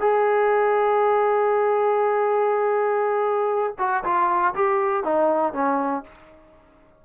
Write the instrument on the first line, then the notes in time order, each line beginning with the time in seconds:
trombone
0.00 G#4
3.79 F#4
4.04 F4
4.55 G4
5.04 D#4
5.53 C#4